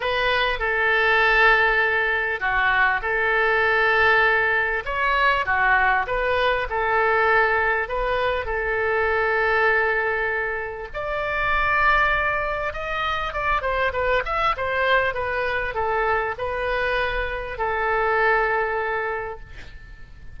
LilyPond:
\new Staff \with { instrumentName = "oboe" } { \time 4/4 \tempo 4 = 99 b'4 a'2. | fis'4 a'2. | cis''4 fis'4 b'4 a'4~ | a'4 b'4 a'2~ |
a'2 d''2~ | d''4 dis''4 d''8 c''8 b'8 e''8 | c''4 b'4 a'4 b'4~ | b'4 a'2. | }